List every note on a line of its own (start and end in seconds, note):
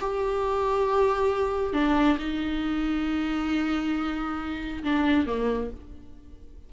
0.00 1.73 G4
1.73 2.17 D4
2.18 4.82 D#4
4.83 5.26 D4
5.26 5.70 A#3